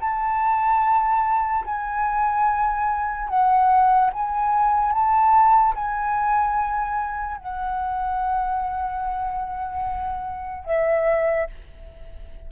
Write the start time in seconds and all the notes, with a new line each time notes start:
0.00 A5
1.65 G#5
3.28 F#5
4.13 G#5
4.92 A5
5.75 G#5
7.37 F#5
10.65 E5